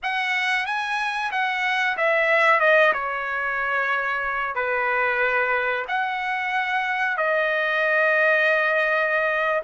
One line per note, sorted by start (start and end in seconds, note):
0.02 0.66 F#5
0.66 1.31 G#5
1.31 1.97 F#5
1.97 2.60 E5
2.60 2.92 D#5
2.93 4.55 C#5
4.55 5.85 B4
5.88 7.17 F#5
7.17 9.61 D#5